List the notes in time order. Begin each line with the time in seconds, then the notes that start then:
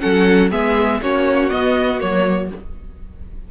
0.00 F#3 C#4 A4 F#5
0.51 G#3 B3 G#4 E5
1.01 A#3 C#4 F#4 C#5
1.50 B3 D#5
1.99 F#3 A#3 C#5